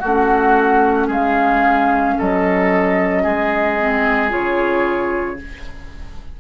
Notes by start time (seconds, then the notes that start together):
0.00 A3 F#4 F#5
0.07 C#4
1.08 G#3 G#4 F5
2.18 F#3 A4 D#5
3.23 G#3 G#4
3.80 C4
4.30 C#3 F4 C#5